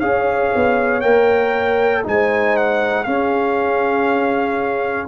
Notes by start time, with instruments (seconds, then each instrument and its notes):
0.00 tuba C#4, trombone G#4, horn C#5, trumpet F5
0.56 tuba B3
1.01 tuba A#3, trombone A#4, trumpet G5
2.04 tuba G#3, trombone D#4, horn C5, trumpet G#5
2.57 trumpet F#5
3.04 trombone C#4, tuba C#4, horn G#4, trumpet F5